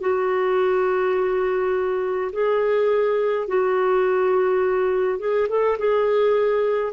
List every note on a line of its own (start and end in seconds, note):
0.00 2.31 F#4
2.32 3.47 G#4
3.47 5.19 F#4
5.19 5.48 G#4
5.49 5.77 A4
5.78 6.92 G#4